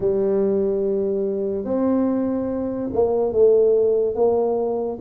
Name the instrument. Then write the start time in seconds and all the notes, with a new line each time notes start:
tuba
0.00 G3
1.64 C4
2.92 A#3
3.32 A3
4.15 A#3